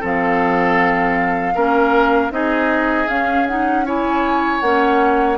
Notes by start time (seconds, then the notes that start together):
0.00 F3 C4 A4 F5
1.54 A#3 C#4 A#4
2.30 C4 D#4 G#4 D#5
3.08 C#4 F5
3.47 D#4 F#5
3.86 E4 C#5 G#5
4.60 A#3 C#4 F#5